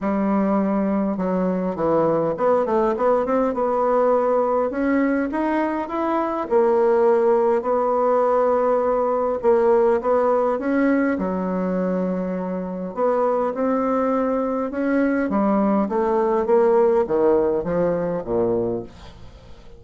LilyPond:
\new Staff \with { instrumentName = "bassoon" } { \time 4/4 \tempo 4 = 102 g2 fis4 e4 | b8 a8 b8 c'8 b2 | cis'4 dis'4 e'4 ais4~ | ais4 b2. |
ais4 b4 cis'4 fis4~ | fis2 b4 c'4~ | c'4 cis'4 g4 a4 | ais4 dis4 f4 ais,4 | }